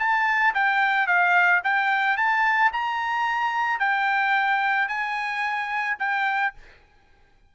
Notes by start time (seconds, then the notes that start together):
0.00 A5
0.55 G5
1.07 F5
1.64 G5
2.17 A5
2.73 A#5
3.80 G5
4.88 G#5
6.00 G5